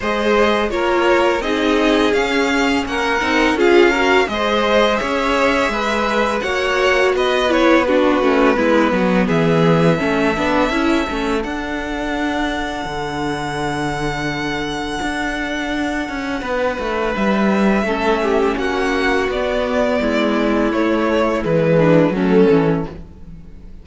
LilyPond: <<
  \new Staff \with { instrumentName = "violin" } { \time 4/4 \tempo 4 = 84 dis''4 cis''4 dis''4 f''4 | fis''4 f''4 dis''4 e''4~ | e''4 fis''4 dis''8 cis''8 b'4~ | b'4 e''2. |
fis''1~ | fis''1 | e''2 fis''4 d''4~ | d''4 cis''4 b'4 a'4 | }
  \new Staff \with { instrumentName = "violin" } { \time 4/4 c''4 ais'4 gis'2 | ais'4 gis'8 ais'8 c''4 cis''4 | b'4 cis''4 b'4 fis'4 | e'8 fis'8 gis'4 a'2~ |
a'1~ | a'2. b'4~ | b'4 a'8 g'8 fis'2 | e'2~ e'8 d'8 cis'4 | }
  \new Staff \with { instrumentName = "viola" } { \time 4/4 gis'4 f'4 dis'4 cis'4~ | cis'8 dis'8 f'8 fis'8 gis'2~ | gis'4 fis'4. e'8 d'8 cis'8 | b2 cis'8 d'8 e'8 cis'8 |
d'1~ | d'1~ | d'4 cis'2 b4~ | b4 a4 gis4 a8 cis'8 | }
  \new Staff \with { instrumentName = "cello" } { \time 4/4 gis4 ais4 c'4 cis'4 | ais8 c'8 cis'4 gis4 cis'4 | gis4 ais4 b4. a8 | gis8 fis8 e4 a8 b8 cis'8 a8 |
d'2 d2~ | d4 d'4. cis'8 b8 a8 | g4 a4 ais4 b4 | gis4 a4 e4 fis8 e8 | }
>>